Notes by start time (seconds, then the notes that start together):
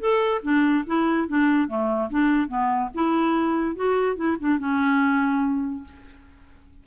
0.00 A4
0.43 D4
0.86 E4
1.28 D4
1.68 A3
2.10 D4
2.48 B3
2.95 E4
3.76 F#4
4.16 E4
4.40 D4
4.59 C#4